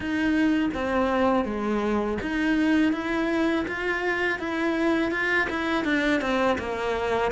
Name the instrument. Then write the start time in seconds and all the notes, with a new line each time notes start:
cello
0.00 D#4
0.74 C4
1.45 G#3
2.21 D#4
2.92 E4
3.68 F4
4.39 E4
5.11 F4
5.49 E4
5.84 D4
6.21 C4
6.58 A#3